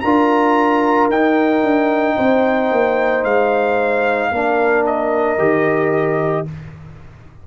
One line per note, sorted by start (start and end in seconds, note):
0.00 1.09 D4
0.00 1.12 F4
0.00 2.16 A#4
0.00 1.07 A#5
1.09 1.62 D#4
1.09 4.33 D#4
1.09 3.24 G5
1.63 2.16 D4
2.16 2.71 C4
2.16 4.30 C5
2.71 3.23 A#3
3.23 4.31 G#3
3.23 4.85 F5
4.31 5.38 A#3
4.31 5.38 D4
4.31 6.46 A#4
4.86 6.47 D#5
5.38 6.45 D#3
5.38 6.45 G4